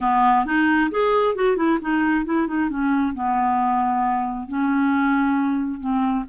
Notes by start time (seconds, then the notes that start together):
0.00 B3
0.45 D#4
0.90 G#4
1.35 F#4
1.56 E4
1.81 D#4
2.25 E4
2.47 D#4
2.69 C#4
3.14 B3
4.48 C#4
5.80 C4